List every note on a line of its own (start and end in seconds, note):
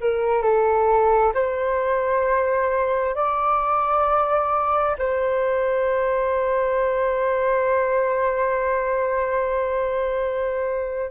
0.00 0.42 A#4
0.42 1.33 A4
1.34 3.14 C5
3.14 4.96 D5
4.98 11.11 C5